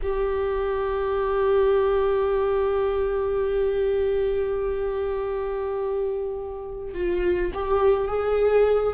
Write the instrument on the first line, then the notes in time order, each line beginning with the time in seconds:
viola
0.02 G4
6.94 F4
7.53 G4
8.07 G#4